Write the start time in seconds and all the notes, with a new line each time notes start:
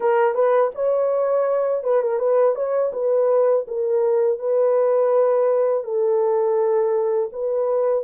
0.00 A#4
0.34 B4
0.75 C#5
1.83 B4
2.02 A#4
2.19 B4
2.55 C#5
2.92 B4
3.67 A#4
4.38 B4
5.83 A4
7.32 B4